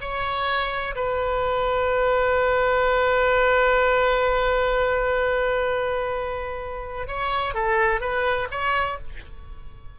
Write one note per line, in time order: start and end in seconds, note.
0.00 0.94 C#5
0.95 7.07 B4
7.07 7.54 C#5
7.54 8.00 A4
8.00 8.47 B4
8.50 8.98 C#5